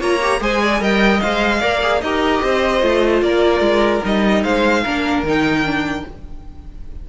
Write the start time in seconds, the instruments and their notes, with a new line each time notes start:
0.00 cello A#3, viola F4, violin C#5 A#5
0.21 viola G4
0.41 cello G#3, viola G#4, violin C5 G#5
0.63 violin D5
0.80 cello G3, viola A#4, violin D#5 G5
1.21 cello G#3, viola C5, violin F5
1.61 cello A#3, viola A#4, violin D5
1.82 viola G#4
2.01 cello D#4, viola G4, violin A#4 D#5
2.43 cello C4, violin C5
2.81 cello A3, viola F4
3.22 cello A#3, violin A#4 D5
3.61 cello G#3
4.04 cello G3, viola D#4, violin D#5
4.44 cello G#3, violin C5 F5
4.83 cello A#3, viola D4, violin A#4
5.23 cello D#3, viola D#4, violin G5
5.65 viola D4